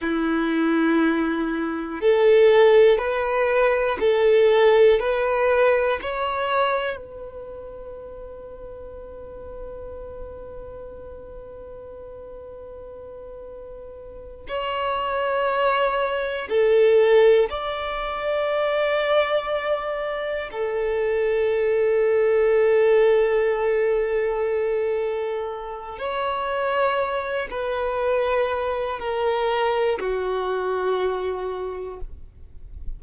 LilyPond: \new Staff \with { instrumentName = "violin" } { \time 4/4 \tempo 4 = 60 e'2 a'4 b'4 | a'4 b'4 cis''4 b'4~ | b'1~ | b'2~ b'8 cis''4.~ |
cis''8 a'4 d''2~ d''8~ | d''8 a'2.~ a'8~ | a'2 cis''4. b'8~ | b'4 ais'4 fis'2 | }